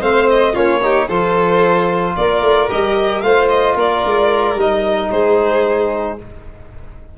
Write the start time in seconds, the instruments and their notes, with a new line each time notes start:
0.00 tuba A3, trombone C4, violin C5 F5
0.29 violin D#5
0.53 tuba A#3, trombone C#4, violin F4 C#5
0.82 trombone D#4, violin G4
1.07 tuba F3, trombone F4, violin A4 C5
2.16 tuba A#3, violin A#4 D5
2.41 tuba A3
2.69 tuba G3, trombone G4, violin D#5
3.21 tuba A3, trombone F4, violin C5 F5
3.48 violin D#5
3.75 tuba A#3, violin A#4 D5
4.05 tuba G#3
4.55 tuba G3, trombone D#4, violin D#5
5.10 tuba G#3, violin G#4 C5